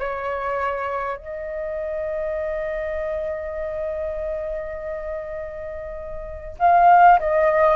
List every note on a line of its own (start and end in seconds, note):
0.00 1.18 C#5
1.18 6.58 D#5
6.59 7.19 F5
7.20 7.76 D#5